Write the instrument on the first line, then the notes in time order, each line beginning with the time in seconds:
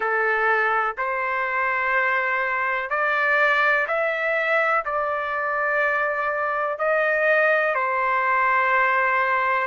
trumpet
0.00 A4
0.97 C5
2.90 D5
3.87 E5
4.85 D5
6.78 D#5
7.75 C5